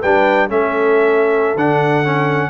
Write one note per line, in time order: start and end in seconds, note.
0.00 0.49 G3
0.00 0.49 D4
0.00 0.48 B4
0.00 0.50 G5
0.49 1.55 A3
0.49 1.56 C#4
0.49 2.50 A4
0.49 1.58 E5
1.55 2.50 D3
1.55 2.04 D4
1.55 2.50 F#5
2.04 2.50 C#4